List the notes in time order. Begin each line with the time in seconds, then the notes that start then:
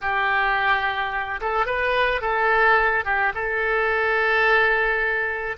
0.01 G4
1.40 A4
1.66 B4
2.21 A4
3.05 G4
3.34 A4